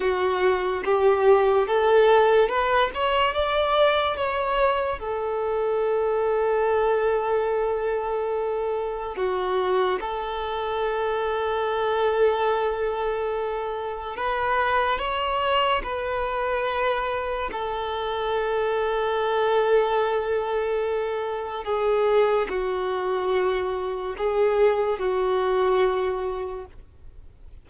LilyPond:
\new Staff \with { instrumentName = "violin" } { \time 4/4 \tempo 4 = 72 fis'4 g'4 a'4 b'8 cis''8 | d''4 cis''4 a'2~ | a'2. fis'4 | a'1~ |
a'4 b'4 cis''4 b'4~ | b'4 a'2.~ | a'2 gis'4 fis'4~ | fis'4 gis'4 fis'2 | }